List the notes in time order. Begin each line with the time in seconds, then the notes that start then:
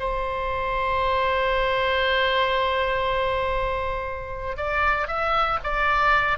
0.00 C5
4.57 D5
5.08 E5
5.64 D5